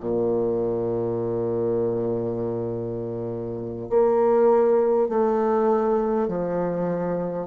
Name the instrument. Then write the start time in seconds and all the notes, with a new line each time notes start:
bassoon
0.00 A#2
3.89 A#3
5.09 A3
6.28 F3